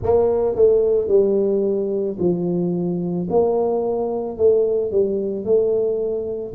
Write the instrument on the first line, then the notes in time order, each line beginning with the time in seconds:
tuba
0.02 A#3
0.55 A3
1.08 G3
2.19 F3
3.30 A#3
4.37 A3
4.91 G3
5.44 A3